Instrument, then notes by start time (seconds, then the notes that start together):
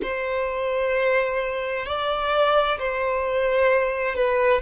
violin
0.02 C5
1.85 D5
2.78 C5
4.15 B4